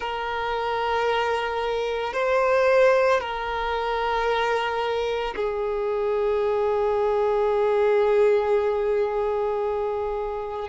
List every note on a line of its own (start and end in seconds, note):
0.00 2.13 A#4
2.13 3.20 C5
3.20 5.34 A#4
5.36 10.69 G#4